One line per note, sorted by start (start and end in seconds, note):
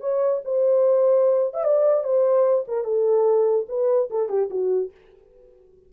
0.00 0.41 C#5
0.44 1.54 C5
1.54 1.64 E5
1.64 2.04 D5
2.04 2.65 C5
2.67 2.84 A#4
2.84 3.66 A4
3.68 4.09 B4
4.10 4.29 A4
4.29 4.49 G4
4.50 4.91 F#4